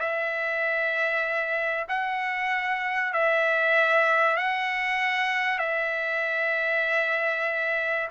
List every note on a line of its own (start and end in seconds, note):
0.00 1.88 E5
1.89 3.14 F#5
3.14 4.38 E5
4.38 5.59 F#5
5.59 8.09 E5